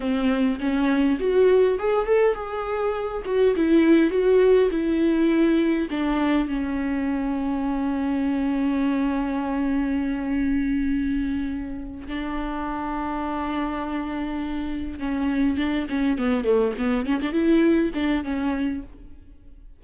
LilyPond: \new Staff \with { instrumentName = "viola" } { \time 4/4 \tempo 4 = 102 c'4 cis'4 fis'4 gis'8 a'8 | gis'4. fis'8 e'4 fis'4 | e'2 d'4 cis'4~ | cis'1~ |
cis'1~ | cis'8 d'2.~ d'8~ | d'4. cis'4 d'8 cis'8 b8 | a8 b8 cis'16 d'16 e'4 d'8 cis'4 | }